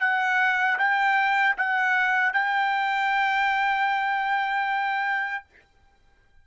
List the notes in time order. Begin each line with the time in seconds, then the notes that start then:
0.00 F#5
0.78 G5
1.57 F#5
2.33 G5